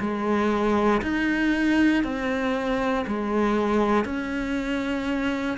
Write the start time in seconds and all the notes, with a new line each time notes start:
0.00 G#3
1.02 D#4
2.03 C4
3.07 G#3
4.05 C#4